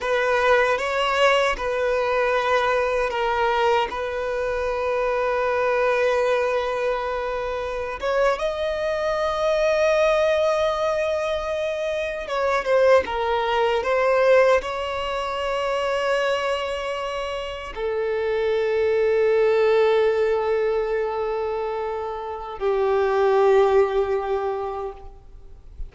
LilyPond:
\new Staff \with { instrumentName = "violin" } { \time 4/4 \tempo 4 = 77 b'4 cis''4 b'2 | ais'4 b'2.~ | b'2~ b'16 cis''8 dis''4~ dis''16~ | dis''2.~ dis''8. cis''16~ |
cis''16 c''8 ais'4 c''4 cis''4~ cis''16~ | cis''2~ cis''8. a'4~ a'16~ | a'1~ | a'4 g'2. | }